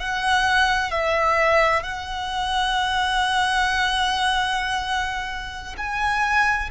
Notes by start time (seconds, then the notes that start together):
0.00 F#5
0.91 E5
1.83 F#5
5.78 G#5